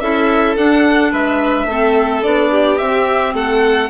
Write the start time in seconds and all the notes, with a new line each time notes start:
0.00 C#4 E4 A4 E5
0.56 D4 F#5
1.11 G#3 B4 E5
1.65 A3 C4 A4
2.23 B3 D4 D5
2.50 G4
2.78 C4 E5
3.34 A3 A4 F#5